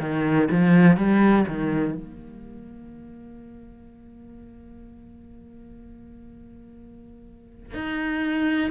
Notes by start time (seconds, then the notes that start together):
0.00 D#3
0.51 F3
0.97 G3
1.48 D#3
1.94 A#3
7.74 D#4